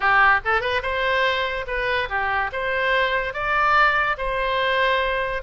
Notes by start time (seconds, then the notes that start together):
0.00 G4
0.45 A4
0.60 B4
0.82 C5
1.67 B4
2.09 G4
2.52 C5
3.33 D5
4.17 C5